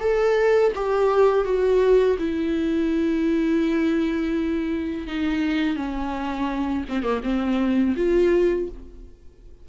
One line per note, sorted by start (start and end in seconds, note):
0.00 0.72 A4
0.75 1.45 G4
1.45 2.17 F#4
2.19 5.07 E4
5.07 5.76 D#4
5.76 6.84 C#4
6.88 7.03 C4
7.03 7.21 A#3
7.23 7.95 C4
7.96 8.68 F4